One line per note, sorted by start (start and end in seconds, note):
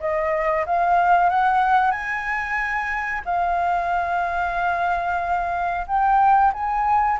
0.00 0.65 D#5
0.66 1.29 F5
1.29 1.91 F#5
1.91 3.21 G#5
3.25 5.86 F5
5.87 6.52 G5
6.53 7.18 G#5